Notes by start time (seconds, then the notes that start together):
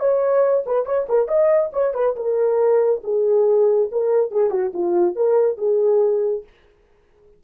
0.00 C#5
0.66 B4
0.86 C#5
1.09 A#4
1.28 D#5
1.73 C#5
1.94 B4
2.16 A#4
3.04 G#4
3.92 A#4
4.31 G#4
4.51 F#4
4.74 F4
5.16 A#4
5.58 G#4